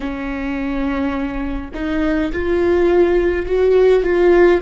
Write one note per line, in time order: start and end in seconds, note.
0.00 1.70 C#4
1.74 2.31 D#4
2.32 3.46 F4
3.46 4.03 F#4
4.03 4.60 F4